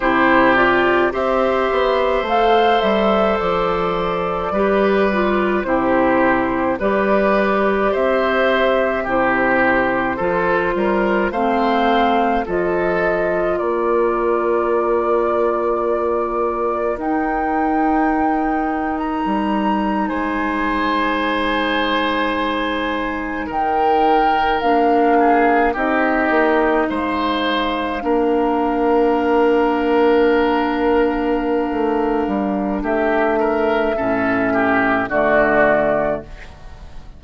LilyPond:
<<
  \new Staff \with { instrumentName = "flute" } { \time 4/4 \tempo 4 = 53 c''8 d''8 e''4 f''8 e''8 d''4~ | d''4 c''4 d''4 e''4 | c''2 f''4 dis''4 | d''2. g''4~ |
g''8. ais''4 gis''2~ gis''16~ | gis''8. g''4 f''4 dis''4 f''16~ | f''1~ | f''4 e''2 d''4 | }
  \new Staff \with { instrumentName = "oboe" } { \time 4/4 g'4 c''2. | b'4 g'4 b'4 c''4 | g'4 a'8 ais'8 c''4 a'4 | ais'1~ |
ais'4.~ ais'16 c''2~ c''16~ | c''8. ais'4. gis'8 g'4 c''16~ | c''8. ais'2.~ ais'16~ | ais'4 g'8 ais'8 a'8 g'8 fis'4 | }
  \new Staff \with { instrumentName = "clarinet" } { \time 4/4 e'8 f'8 g'4 a'2 | g'8 f'8 e'4 g'2 | e'4 f'4 c'4 f'4~ | f'2. dis'4~ |
dis'1~ | dis'4.~ dis'16 d'4 dis'4~ dis'16~ | dis'8. d'2.~ d'16~ | d'2 cis'4 a4 | }
  \new Staff \with { instrumentName = "bassoon" } { \time 4/4 c4 c'8 b8 a8 g8 f4 | g4 c4 g4 c'4 | c4 f8 g8 a4 f4 | ais2. dis'4~ |
dis'4 g8. gis2~ gis16~ | gis8. dis4 ais4 c'8 ais8 gis16~ | gis8. ais2.~ ais16 | a8 g8 a4 a,4 d4 | }
>>